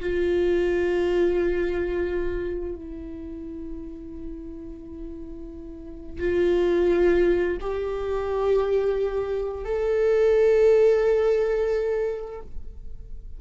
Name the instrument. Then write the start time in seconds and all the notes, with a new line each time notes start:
viola
0.00 F4
2.76 E4
6.20 F4
7.61 G4
9.65 A4